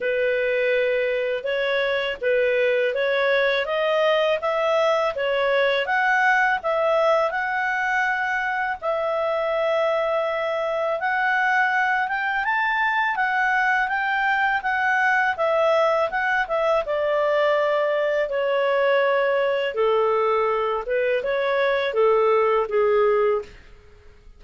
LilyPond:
\new Staff \with { instrumentName = "clarinet" } { \time 4/4 \tempo 4 = 82 b'2 cis''4 b'4 | cis''4 dis''4 e''4 cis''4 | fis''4 e''4 fis''2 | e''2. fis''4~ |
fis''8 g''8 a''4 fis''4 g''4 | fis''4 e''4 fis''8 e''8 d''4~ | d''4 cis''2 a'4~ | a'8 b'8 cis''4 a'4 gis'4 | }